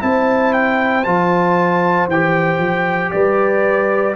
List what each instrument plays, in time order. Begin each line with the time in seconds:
0.00 tuba C4, trombone E4, horn C5, trumpet A5
0.53 trumpet G5
1.04 tuba F3, trombone F4, trumpet A5
2.08 tuba E3, trombone G4, trumpet G5
2.59 tuba F3
3.12 tuba G3, horn B4, trumpet D5